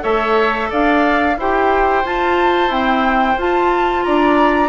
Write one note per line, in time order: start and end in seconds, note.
0.00 0.71 A3
0.00 1.33 A4
0.00 0.69 C#5
0.00 0.70 E5
0.70 1.37 D4
0.70 1.36 D5
0.70 1.39 F5
1.37 2.04 E4
1.37 2.04 G4
1.37 4.06 C5
1.37 2.05 G5
2.04 2.70 F4
2.04 2.67 F4
2.04 2.72 A5
2.67 3.36 C4
2.67 3.34 E4
2.67 3.39 G5
3.37 4.03 F4
3.37 4.69 F4
3.37 4.03 A5
4.03 4.69 D4
4.03 4.69 D5
4.03 4.69 A#5